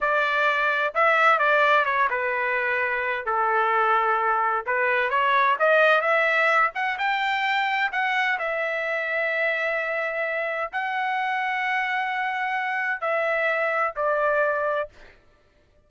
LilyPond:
\new Staff \with { instrumentName = "trumpet" } { \time 4/4 \tempo 4 = 129 d''2 e''4 d''4 | cis''8 b'2~ b'8 a'4~ | a'2 b'4 cis''4 | dis''4 e''4. fis''8 g''4~ |
g''4 fis''4 e''2~ | e''2. fis''4~ | fis''1 | e''2 d''2 | }